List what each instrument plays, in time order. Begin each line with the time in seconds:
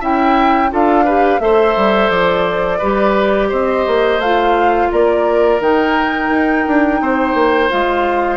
0.00 bassoon C#4, clarinet E4, oboe E5, flute G5
0.70 bassoon D4, clarinet F4, oboe A4, flute F5
1.05 clarinet G4, oboe B4
1.40 bassoon A3, clarinet A4, oboe C5, flute E5
1.77 bassoon G3
2.09 bassoon F3, flute D5
2.78 bassoon G3, clarinet G4, oboe B4
3.49 bassoon C4, oboe C5, flute D#5
3.87 bassoon A#3
4.18 bassoon A3, clarinet F4, flute F5
4.92 bassoon A#3, oboe A#4, flute D5
5.60 bassoon D#3, clarinet D#4, flute G5
6.30 bassoon D#4
6.67 bassoon D4
7.01 bassoon C4, oboe C5
7.34 bassoon A#3
7.69 bassoon G#3, clarinet F4, flute F5